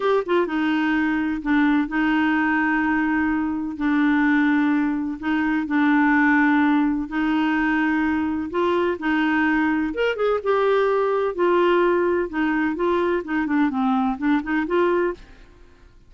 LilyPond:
\new Staff \with { instrumentName = "clarinet" } { \time 4/4 \tempo 4 = 127 g'8 f'8 dis'2 d'4 | dis'1 | d'2. dis'4 | d'2. dis'4~ |
dis'2 f'4 dis'4~ | dis'4 ais'8 gis'8 g'2 | f'2 dis'4 f'4 | dis'8 d'8 c'4 d'8 dis'8 f'4 | }